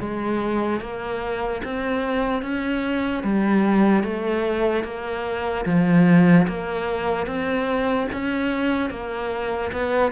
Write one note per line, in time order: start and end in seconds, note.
0.00 0.81 G#3
0.81 1.62 A#3
1.64 2.42 C4
2.42 3.23 C#4
3.23 4.03 G3
4.03 4.84 A3
4.84 5.65 A#3
5.65 6.46 F3
6.48 7.26 A#3
7.26 8.07 C4
8.13 8.90 C#4
8.90 9.71 A#3
9.72 10.12 B3